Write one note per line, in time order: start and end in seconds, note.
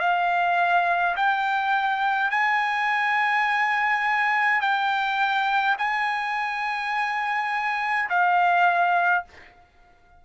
0.00 1.15 F5
1.16 2.31 G5
2.31 4.61 G#5
4.61 5.76 G5
5.78 8.09 G#5
8.09 9.25 F5